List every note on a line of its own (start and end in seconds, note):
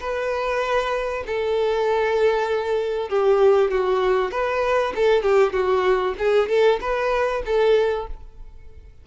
0.00 1.24 B4
1.27 3.09 A4
3.09 3.71 G4
3.71 4.31 F#4
4.31 4.93 B4
4.95 5.22 A4
5.22 5.53 G4
5.53 6.15 F#4
6.19 6.49 G#4
6.49 6.80 A4
6.81 7.43 B4
7.46 8.07 A4